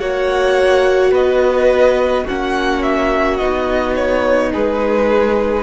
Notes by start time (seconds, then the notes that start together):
0.00 A#3 F#4 C#5 F#5
1.12 B3 B4 D#5
2.24 A#3 C#4 F#4 F#5
2.83 E5
3.37 B3 D#4 D#5
3.96 C#5
4.52 G#3 G#4 B4